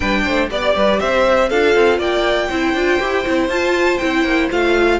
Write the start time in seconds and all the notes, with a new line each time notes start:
0.00 G3 D4 B4 G5
0.24 A3 C5
0.49 B3 G4 D5
0.75 G3 B4
0.99 C4 C5 E5
1.49 D4 F4 A4 F5
1.75 C4
1.98 A#3 D5 G5
2.49 C4 E4 C5
2.73 D4 F4
3.00 E4 G4
3.25 C4 E4
3.48 F4 A5
3.98 C4 E4 G5
4.23 A#3
4.51 A3 F4 F5